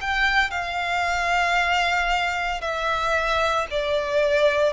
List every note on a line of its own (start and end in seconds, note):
0.00 0.50 G5
0.50 2.61 F5
2.61 3.66 E5
3.70 4.73 D5